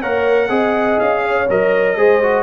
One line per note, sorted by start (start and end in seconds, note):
0.00 0.49 A#3
0.00 0.49 A#4
0.00 0.49 C#5
0.00 0.99 F#5
0.49 0.98 C4
0.49 1.46 G#4
0.49 1.22 D#5
0.99 1.49 C#4
0.99 1.48 F5
1.23 1.96 C#5
1.49 1.96 F#3
1.49 1.97 A#4
1.49 2.43 D#5
1.96 2.43 G#3
1.96 2.22 G#4
1.96 2.43 C5
2.22 2.43 F#4